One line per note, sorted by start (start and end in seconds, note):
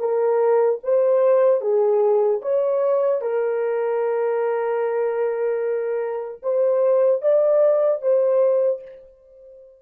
0.00 0.80 A#4
0.84 1.61 C5
1.61 2.41 G#4
2.42 3.22 C#5
3.22 6.42 A#4
6.43 7.22 C5
7.22 8.02 D5
8.02 8.82 C5